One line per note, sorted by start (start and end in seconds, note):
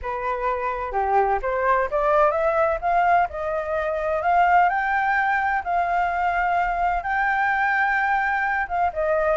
0.02 0.92 B4
0.92 1.38 G4
1.42 1.89 C5
1.90 2.31 D5
2.31 2.78 E5
2.81 3.28 F5
3.29 4.22 D#5
4.22 4.69 F5
4.69 5.62 G5
5.64 7.03 F5
7.03 8.67 G5
8.68 8.91 F5
8.93 9.37 D#5